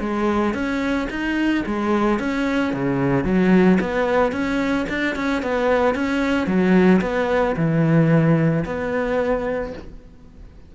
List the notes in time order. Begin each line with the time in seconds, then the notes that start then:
0.00 G#3
0.54 C#4
1.10 D#4
1.66 G#3
2.19 C#4
2.73 C#3
3.24 F#3
3.80 B3
4.32 C#4
4.89 D4
5.16 C#4
5.42 B3
5.94 C#4
6.47 F#3
7.01 B3
7.56 E3
8.65 B3